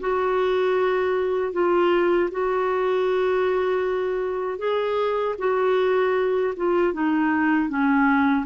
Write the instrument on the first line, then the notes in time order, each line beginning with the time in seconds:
clarinet
0.00 F#4
1.53 F4
2.31 F#4
4.59 G#4
5.39 F#4
6.57 F4
6.94 D#4
7.69 C#4